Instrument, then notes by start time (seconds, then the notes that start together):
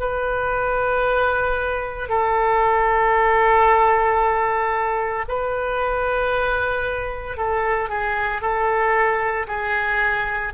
oboe
0.00 B4
2.10 A4
5.28 B4
7.37 A4
7.89 G#4
8.42 A4
9.48 G#4